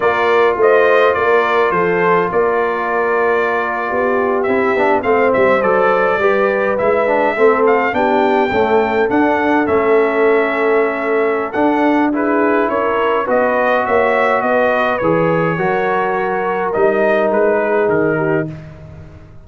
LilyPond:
<<
  \new Staff \with { instrumentName = "trumpet" } { \time 4/4 \tempo 4 = 104 d''4 dis''4 d''4 c''4 | d''2.~ d''8. e''16~ | e''8. f''8 e''8 d''2 e''16~ | e''4~ e''16 f''8 g''2 fis''16~ |
fis''8. e''2.~ e''16 | fis''4 b'4 cis''4 dis''4 | e''4 dis''4 cis''2~ | cis''4 dis''4 b'4 ais'4 | }
  \new Staff \with { instrumentName = "horn" } { \time 4/4 ais'4 c''4 ais'4 a'4 | ais'2~ ais'8. g'4~ g'16~ | g'8. c''2 b'4~ b'16~ | b'8. a'4 g'4 a'4~ a'16~ |
a'1~ | a'4 gis'4 ais'4 b'4 | cis''4 b'2 ais'4~ | ais'2~ ais'8 gis'4 g'8 | }
  \new Staff \with { instrumentName = "trombone" } { \time 4/4 f'1~ | f'2.~ f'8. e'16~ | e'16 d'8 c'4 a'4 g'4 e'16~ | e'16 d'8 c'4 d'4 a4 d'16~ |
d'8. cis'2.~ cis'16 | d'4 e'2 fis'4~ | fis'2 gis'4 fis'4~ | fis'4 dis'2. | }
  \new Staff \with { instrumentName = "tuba" } { \time 4/4 ais4 a4 ais4 f4 | ais2~ ais8. b4 c'16~ | c'16 b8 a8 g8 fis4 g4 gis16~ | gis8. a4 b4 cis'4 d'16~ |
d'8. a2.~ a16 | d'2 cis'4 b4 | ais4 b4 e4 fis4~ | fis4 g4 gis4 dis4 | }
>>